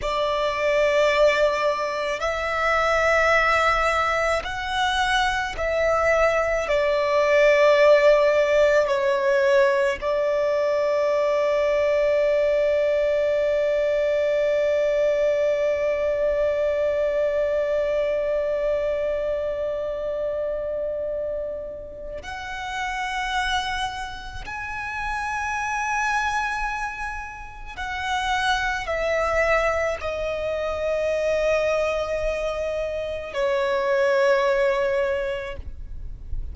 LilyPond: \new Staff \with { instrumentName = "violin" } { \time 4/4 \tempo 4 = 54 d''2 e''2 | fis''4 e''4 d''2 | cis''4 d''2.~ | d''1~ |
d''1 | fis''2 gis''2~ | gis''4 fis''4 e''4 dis''4~ | dis''2 cis''2 | }